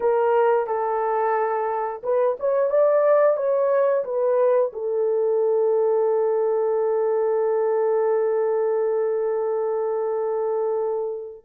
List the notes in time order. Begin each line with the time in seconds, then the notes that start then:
0.00 A#4
0.66 A4
2.03 B4
2.39 C#5
2.70 D5
3.36 C#5
4.04 B4
4.73 A4